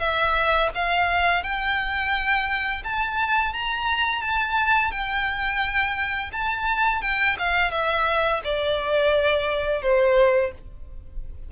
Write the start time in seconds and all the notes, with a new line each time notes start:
0.00 E5
0.75 F5
1.44 G5
2.84 A5
3.54 A#5
4.22 A5
4.92 G5
6.33 A5
7.02 G5
7.39 F5
7.72 E5
8.44 D5
9.82 C5